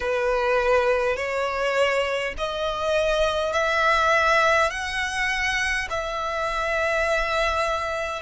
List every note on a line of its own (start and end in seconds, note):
0.00 1.16 B4
1.16 2.34 C#5
2.37 3.52 D#5
3.52 4.70 E5
4.70 5.88 F#5
5.90 8.22 E5